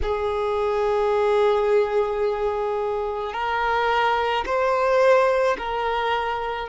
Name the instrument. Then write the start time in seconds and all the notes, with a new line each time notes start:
violin
0.02 G#4
3.33 A#4
4.45 C5
5.58 A#4